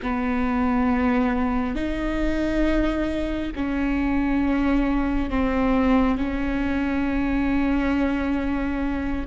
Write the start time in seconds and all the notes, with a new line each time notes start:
0.02 B3
1.74 D#4
3.55 C#4
5.30 C4
6.17 C#4